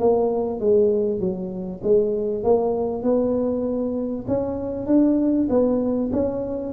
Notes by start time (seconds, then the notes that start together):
0.00 A#3
0.60 G#3
1.20 F#3
1.84 G#3
2.44 A#3
3.03 B3
4.28 C#4
4.87 D4
5.50 B3
6.13 C#4